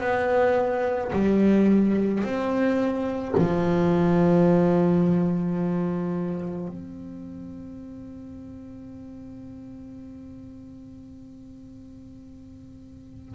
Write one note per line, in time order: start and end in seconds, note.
0.00 1.11 B3
1.13 2.23 G3
2.23 3.34 C4
3.37 6.68 F3
6.68 13.34 C4